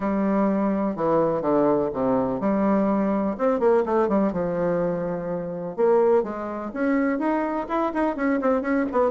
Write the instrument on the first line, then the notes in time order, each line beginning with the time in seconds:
bassoon
0.00 G3
0.96 E3
1.41 D3
1.93 C3
2.40 G3
3.37 C4
3.59 A#3
3.85 A3
4.08 G3
4.32 F3
5.76 A#3
6.23 G#3
6.73 C#4
7.19 D#4
7.68 E4
7.93 D#4
8.16 C#4
8.41 C4
8.61 C#4
8.91 B3